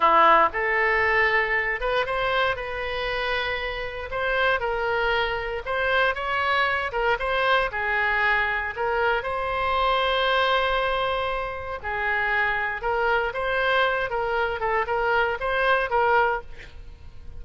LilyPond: \new Staff \with { instrumentName = "oboe" } { \time 4/4 \tempo 4 = 117 e'4 a'2~ a'8 b'8 | c''4 b'2. | c''4 ais'2 c''4 | cis''4. ais'8 c''4 gis'4~ |
gis'4 ais'4 c''2~ | c''2. gis'4~ | gis'4 ais'4 c''4. ais'8~ | ais'8 a'8 ais'4 c''4 ais'4 | }